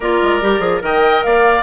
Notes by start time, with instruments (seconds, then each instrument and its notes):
0.00 bassoon A#3, clarinet F4, oboe A#4, flute D5
0.22 bassoon G#3
0.41 bassoon G3, clarinet G4
0.59 bassoon F3, clarinet G#4
0.80 bassoon D#3, clarinet A#4, oboe D#5, flute G5
1.22 bassoon A#3, oboe D5, flute F5